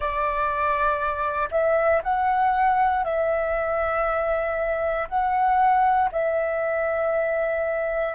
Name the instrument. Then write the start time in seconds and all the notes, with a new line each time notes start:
flute
0.00 D5
1.51 E5
2.03 F#5
3.04 E5
5.08 F#5
6.12 E5